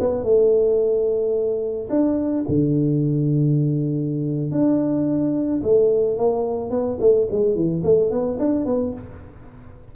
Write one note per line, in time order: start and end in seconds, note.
0.00 0.24 B3
0.24 1.89 A3
1.90 2.45 D4
2.48 4.52 D3
4.52 5.62 D4
5.63 6.18 A3
6.18 6.71 A#3
6.71 6.98 B3
7.01 7.28 A3
7.32 7.55 G#3
7.55 7.83 E3
7.84 8.11 A3
8.11 8.38 B3
8.39 8.66 D4
8.66 8.93 B3